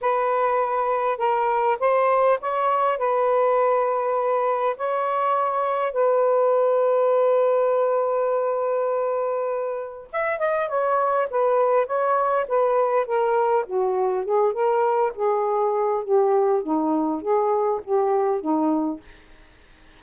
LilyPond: \new Staff \with { instrumentName = "saxophone" } { \time 4/4 \tempo 4 = 101 b'2 ais'4 c''4 | cis''4 b'2. | cis''2 b'2~ | b'1~ |
b'4 e''8 dis''8 cis''4 b'4 | cis''4 b'4 ais'4 fis'4 | gis'8 ais'4 gis'4. g'4 | dis'4 gis'4 g'4 dis'4 | }